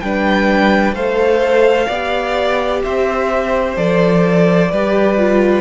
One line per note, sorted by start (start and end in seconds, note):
0.00 0.93 G3
0.00 0.95 D4
0.00 0.94 B4
0.00 0.94 G5
0.93 1.86 A3
0.93 1.89 A4
0.93 1.87 C5
0.93 2.82 F5
1.87 2.82 B3
1.87 3.76 G4
1.87 2.80 D5
2.83 3.76 C4
2.83 4.71 C5
2.83 3.77 E5
3.76 4.70 F3
3.76 4.70 A4
3.76 5.61 D5
4.71 5.61 G3
4.71 5.17 G4
4.71 5.61 B4
5.17 5.61 F4